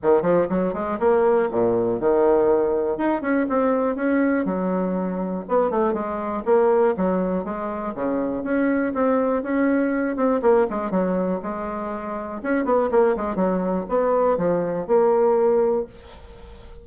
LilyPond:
\new Staff \with { instrumentName = "bassoon" } { \time 4/4 \tempo 4 = 121 dis8 f8 fis8 gis8 ais4 ais,4 | dis2 dis'8 cis'8 c'4 | cis'4 fis2 b8 a8 | gis4 ais4 fis4 gis4 |
cis4 cis'4 c'4 cis'4~ | cis'8 c'8 ais8 gis8 fis4 gis4~ | gis4 cis'8 b8 ais8 gis8 fis4 | b4 f4 ais2 | }